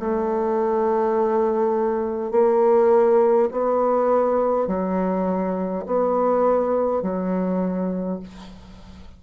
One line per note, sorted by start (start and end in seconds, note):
0.00 2.32 A3
2.32 3.49 A#3
3.51 4.67 B3
4.67 5.85 F#3
5.86 7.02 B3
7.02 8.20 F#3